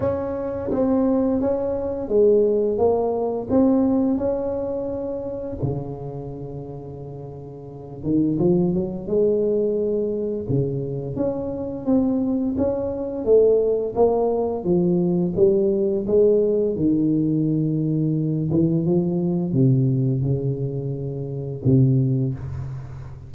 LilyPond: \new Staff \with { instrumentName = "tuba" } { \time 4/4 \tempo 4 = 86 cis'4 c'4 cis'4 gis4 | ais4 c'4 cis'2 | cis2.~ cis8 dis8 | f8 fis8 gis2 cis4 |
cis'4 c'4 cis'4 a4 | ais4 f4 g4 gis4 | dis2~ dis8 e8 f4 | c4 cis2 c4 | }